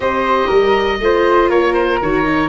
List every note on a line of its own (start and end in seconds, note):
0.00 0.48 C4
0.00 0.99 G4
0.00 0.47 C5
0.00 1.50 D#5
0.47 0.99 G3
0.47 0.97 A#4
0.99 1.49 A3
0.99 2.02 F4
0.99 1.49 C5
1.49 1.99 A#3
1.49 2.49 A#4
1.49 1.73 C#5
1.73 1.98 C5
2.01 2.49 D#3
2.01 2.24 F#4
2.01 2.49 C#5
2.24 2.49 D#4